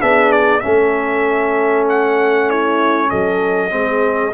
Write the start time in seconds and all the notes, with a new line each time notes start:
0.00 B3 D4 G#4 E5
0.32 D5
0.61 A3 C#4 A4 E5
1.89 F#5
2.49 E4 C#5
3.09 F#3 A4 D#5
3.71 G#3 C4 G#4